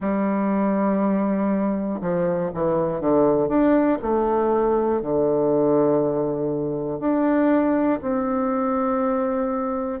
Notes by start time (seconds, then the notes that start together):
0.00 G3
2.01 F3
2.54 E3
3.00 D3
3.48 D4
4.01 A3
5.01 D3
7.00 D4
8.01 C4